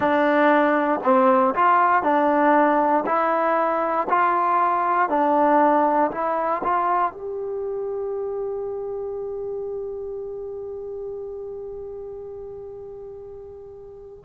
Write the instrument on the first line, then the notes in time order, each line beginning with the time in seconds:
trombone
0.00 D4
1.03 C4
1.54 F4
2.02 D4
3.06 E4
4.09 F4
5.08 D4
6.11 E4
6.63 F4
7.12 G4